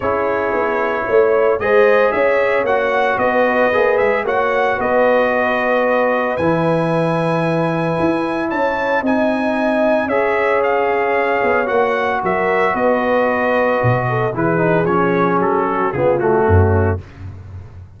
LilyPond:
<<
  \new Staff \with { instrumentName = "trumpet" } { \time 4/4 \tempo 4 = 113 cis''2. dis''4 | e''4 fis''4 dis''4. e''8 | fis''4 dis''2. | gis''1 |
a''4 gis''2 e''4 | f''2 fis''4 e''4 | dis''2. b'4 | cis''4 a'4 gis'8 fis'4. | }
  \new Staff \with { instrumentName = "horn" } { \time 4/4 gis'2 cis''4 c''4 | cis''2 b'2 | cis''4 b'2.~ | b'1 |
cis''4 dis''2 cis''4~ | cis''2. ais'4 | b'2~ b'8 a'8 gis'4~ | gis'4. fis'8 f'4 cis'4 | }
  \new Staff \with { instrumentName = "trombone" } { \time 4/4 e'2. gis'4~ | gis'4 fis'2 gis'4 | fis'1 | e'1~ |
e'4 dis'2 gis'4~ | gis'2 fis'2~ | fis'2. e'8 dis'8 | cis'2 b8 a4. | }
  \new Staff \with { instrumentName = "tuba" } { \time 4/4 cis'4 b4 a4 gis4 | cis'4 ais4 b4 ais8 gis8 | ais4 b2. | e2. e'4 |
cis'4 c'2 cis'4~ | cis'4. b8 ais4 fis4 | b2 b,4 e4 | f4 fis4 cis4 fis,4 | }
>>